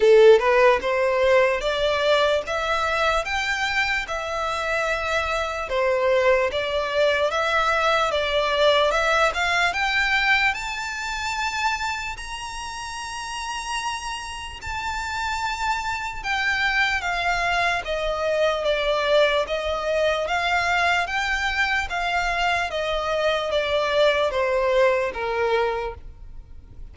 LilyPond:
\new Staff \with { instrumentName = "violin" } { \time 4/4 \tempo 4 = 74 a'8 b'8 c''4 d''4 e''4 | g''4 e''2 c''4 | d''4 e''4 d''4 e''8 f''8 | g''4 a''2 ais''4~ |
ais''2 a''2 | g''4 f''4 dis''4 d''4 | dis''4 f''4 g''4 f''4 | dis''4 d''4 c''4 ais'4 | }